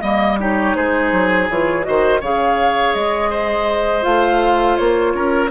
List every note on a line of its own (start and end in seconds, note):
0.00 0.74 G3
0.00 0.37 A#3
0.00 0.37 D#5
0.00 0.38 D#5
0.39 1.48 D#4
0.39 0.76 G4
0.39 0.75 C#5
0.75 1.11 G#3
0.75 1.86 G#4
0.75 1.48 C5
1.12 1.48 F#3
1.49 1.85 E3
1.49 1.82 F4
1.49 1.83 C#5
1.82 2.21 D#3
1.82 2.19 F#4
1.82 2.20 C5
1.82 2.20 D#5
2.20 2.94 C#3
2.20 4.01 G#4
2.20 3.30 C#5
2.20 2.94 F5
2.94 4.04 G#3
2.94 4.03 D#5
3.30 5.12 C5
4.01 4.78 A3
4.01 5.48 F4
4.01 4.76 F5
4.76 5.14 A#3
4.76 5.49 C#5
5.14 5.50 C#4
5.14 5.50 A#4